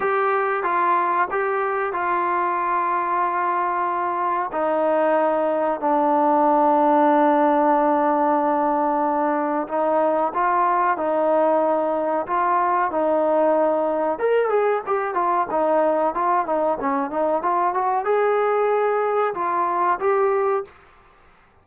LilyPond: \new Staff \with { instrumentName = "trombone" } { \time 4/4 \tempo 4 = 93 g'4 f'4 g'4 f'4~ | f'2. dis'4~ | dis'4 d'2.~ | d'2. dis'4 |
f'4 dis'2 f'4 | dis'2 ais'8 gis'8 g'8 f'8 | dis'4 f'8 dis'8 cis'8 dis'8 f'8 fis'8 | gis'2 f'4 g'4 | }